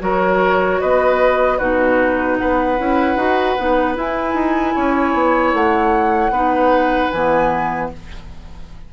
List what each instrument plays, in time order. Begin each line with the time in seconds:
0.00 bassoon F#3, clarinet F#4, oboe A#4, flute C#5
0.81 bassoon B3, oboe B4, flute D#5
1.58 bassoon B2, clarinet D#4, oboe F#4, flute B4
2.38 bassoon B3, oboe B4, flute F#5
2.78 bassoon C#4, clarinet E4
3.16 bassoon D#4, clarinet F#4
3.59 bassoon B3, clarinet D#4
3.95 clarinet E4, bassoon E4, flute G#5
4.34 bassoon D#4
4.75 bassoon C#4, oboe C#5
5.14 bassoon B3
5.53 bassoon A3, flute F#5
6.31 bassoon B3, clarinet D#4, oboe B4
7.11 bassoon E3, clarinet B3, flute G#5